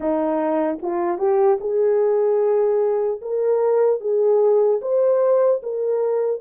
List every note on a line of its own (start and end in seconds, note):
0.00 0.79 D#4
0.81 1.17 F4
1.17 1.57 G4
1.60 3.20 G#4
3.21 4.00 A#4
4.00 4.80 G#4
4.81 5.61 C5
5.62 6.41 A#4